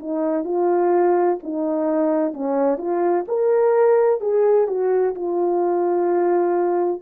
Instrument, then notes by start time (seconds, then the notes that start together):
horn
0.00 D#4
0.45 F4
1.43 D#4
2.34 C#4
2.78 F4
3.28 A#4
4.21 G#4
4.68 F#4
5.15 F4